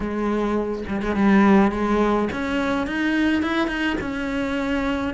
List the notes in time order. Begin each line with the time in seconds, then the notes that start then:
0.00 G#3
0.88 G3
1.02 G#3
1.15 G3
1.71 G#3
2.32 C#4
2.86 D#4
3.42 E4
3.67 D#4
4.00 C#4